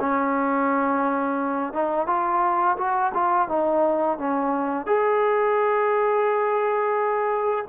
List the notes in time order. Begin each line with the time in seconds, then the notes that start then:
0.00 C#4
1.73 D#4
2.07 F4
2.77 F#4
3.14 F4
3.48 D#4
4.18 C#4
4.86 G#4